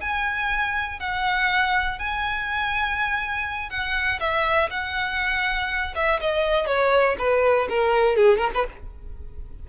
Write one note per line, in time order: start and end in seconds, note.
0.00 0.99 G#5
0.99 1.99 F#5
1.99 3.70 G#5
3.70 4.19 F#5
4.20 4.69 E5
4.70 5.94 F#5
5.95 6.20 E5
6.20 6.66 D#5
6.66 7.16 C#5
7.18 7.68 B4
7.69 8.16 A#4
8.16 8.38 G#4
8.38 8.50 A#4
8.54 8.67 B4